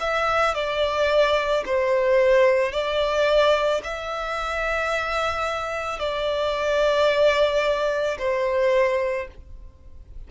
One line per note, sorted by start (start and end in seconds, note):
0.00 0.55 E5
0.55 1.64 D5
1.66 2.72 C5
2.72 3.81 D5
3.83 6.00 E5
6.00 8.18 D5
8.18 9.27 C5